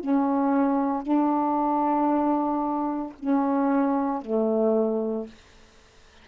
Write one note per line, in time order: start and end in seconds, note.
0.00 1.02 C#4
1.02 3.13 D4
3.19 4.22 C#4
4.22 5.27 A3